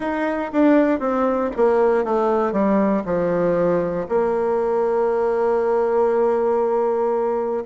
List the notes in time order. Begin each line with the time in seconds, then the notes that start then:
0.00 D#4
0.52 D4
0.99 C4
1.56 A#3
2.04 A3
2.52 G3
3.05 F3
4.08 A#3